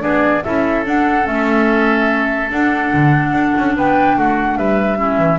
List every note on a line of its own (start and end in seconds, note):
0.00 0.45 B3
0.00 0.41 D4
0.00 0.44 G#4
0.00 0.43 D5
0.44 0.86 C#4
0.44 0.85 E4
0.44 3.76 A4
0.44 0.85 E5
0.85 1.24 D4
0.85 1.27 D4
0.85 1.27 F#5
1.24 2.51 A3
1.24 2.48 C#4
1.24 2.51 E5
2.50 4.98 D4
2.50 2.93 D4
2.50 3.76 F#5
2.94 3.33 D3
3.33 3.54 D4
3.58 3.77 C#4
3.77 4.18 B3
3.77 4.18 B4
3.77 4.18 G5
4.18 4.57 A3
4.18 4.59 F#4
4.18 4.58 F#5
4.57 5.19 G3
4.57 4.98 B4
4.57 5.39 E5
4.98 5.39 C#4
4.98 5.39 E4
5.19 5.39 E3